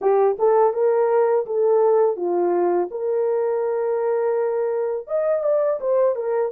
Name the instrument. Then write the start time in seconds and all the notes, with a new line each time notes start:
horn
0.01 G4
0.38 A4
0.73 A#4
1.46 A4
2.16 F4
2.90 A#4
5.07 D#5
5.43 D5
5.80 C5
6.15 A#4